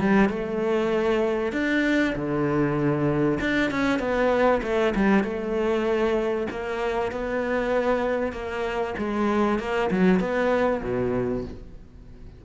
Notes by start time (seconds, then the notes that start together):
0.00 G3
0.30 A3
1.53 D4
2.16 D3
3.41 D4
3.71 C#4
4.00 B3
4.63 A3
4.95 G3
5.24 A3
6.51 A#3
7.12 B3
8.33 A#3
8.98 G#3
9.60 A#3
9.91 F#3
10.20 B3
10.83 B2